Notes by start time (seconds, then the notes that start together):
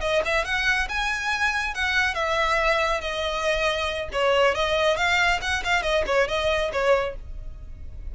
0.00 D#5
0.25 E5
0.45 F#5
0.88 G#5
1.74 F#5
2.14 E5
3.01 D#5
4.12 C#5
4.55 D#5
4.97 F5
5.41 F#5
5.64 F5
5.82 D#5
6.06 C#5
6.28 D#5
6.72 C#5